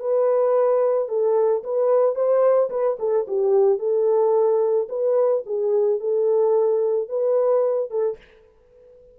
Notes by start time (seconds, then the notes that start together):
0.00 B4
1.09 A4
1.64 B4
2.15 C5
2.70 B4
3.00 A4
3.28 G4
3.79 A4
4.89 B4
5.46 G#4
6.00 A4
7.09 B4
7.91 A4